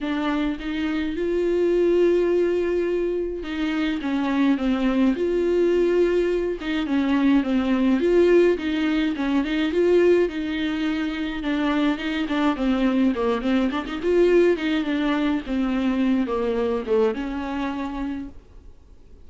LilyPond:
\new Staff \with { instrumentName = "viola" } { \time 4/4 \tempo 4 = 105 d'4 dis'4 f'2~ | f'2 dis'4 cis'4 | c'4 f'2~ f'8 dis'8 | cis'4 c'4 f'4 dis'4 |
cis'8 dis'8 f'4 dis'2 | d'4 dis'8 d'8 c'4 ais8 c'8 | d'16 dis'16 f'4 dis'8 d'4 c'4~ | c'8 ais4 a8 cis'2 | }